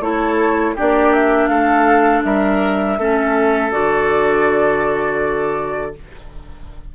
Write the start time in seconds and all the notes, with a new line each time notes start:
0.00 A3 E4 A4 C#5
0.75 A#3 D4 G4 D5
1.13 E5
1.48 A3 A4 F5
2.24 G3 A#4 E5
2.98 A3 C#4 A4
3.71 D3 F#4 D5